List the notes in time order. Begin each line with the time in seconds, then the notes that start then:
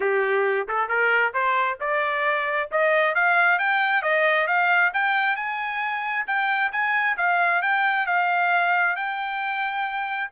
0.00 G4
0.67 A4
0.88 A#4
1.33 C5
1.80 D5
2.71 D#5
3.14 F5
3.58 G5
4.02 D#5
4.47 F5
4.93 G5
5.36 G#5
6.27 G5
6.72 G#5
7.17 F5
7.62 G5
8.06 F5
8.96 G5